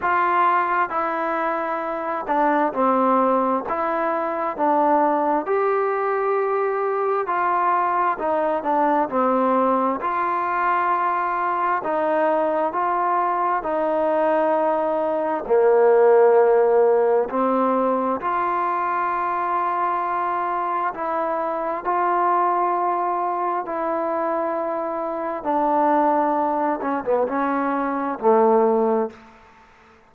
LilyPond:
\new Staff \with { instrumentName = "trombone" } { \time 4/4 \tempo 4 = 66 f'4 e'4. d'8 c'4 | e'4 d'4 g'2 | f'4 dis'8 d'8 c'4 f'4~ | f'4 dis'4 f'4 dis'4~ |
dis'4 ais2 c'4 | f'2. e'4 | f'2 e'2 | d'4. cis'16 b16 cis'4 a4 | }